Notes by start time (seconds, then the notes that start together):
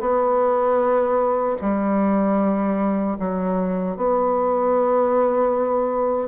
0.00 B3
1.61 G3
3.19 F#3
3.96 B3